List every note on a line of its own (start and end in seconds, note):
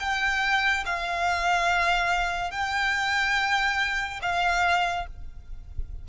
0.00 0.85 G5
0.86 2.51 F5
2.51 4.20 G5
4.23 5.07 F5